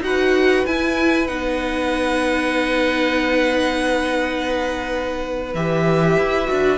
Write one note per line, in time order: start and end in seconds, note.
0.00 0.63 D#4
0.00 0.66 F#4
0.00 6.78 B4
0.00 0.66 F#5
0.66 1.28 E4
0.66 1.30 E4
0.66 1.27 G#5
1.27 5.54 B3
1.27 5.54 D#4
1.27 5.54 F#5
5.54 6.17 E3
5.54 6.46 G4
5.54 6.78 E5
6.17 6.49 E4
6.46 6.78 D4
6.46 6.77 F#4